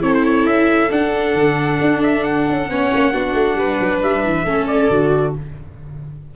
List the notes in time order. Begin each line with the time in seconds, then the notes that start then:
0.00 C4 E4 A4 C#5
0.14 C5
0.24 C#5
0.46 C#4 E5
0.91 D4 F#5
1.34 D3
1.81 D4
2.03 E5
2.23 F#5
2.49 C#4
2.69 B3 C#4 C#5
2.95 A#3
3.12 B3 D4 F#4
3.33 A3
3.54 G3 B4
3.80 F#3
4.02 G3 E5
4.24 E3
4.44 A3 C#4 A4
4.67 D5
4.89 D3 F#4